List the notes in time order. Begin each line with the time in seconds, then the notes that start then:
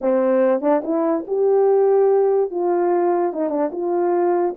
0.01 C4
0.61 D4
0.84 E4
1.27 G4
2.50 F4
3.32 D#4
3.49 D4
3.72 F4